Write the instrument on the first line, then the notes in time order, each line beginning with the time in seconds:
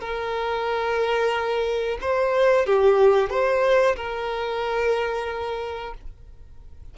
violin
0.00 A#4
2.01 C5
2.66 G4
3.30 C5
3.96 A#4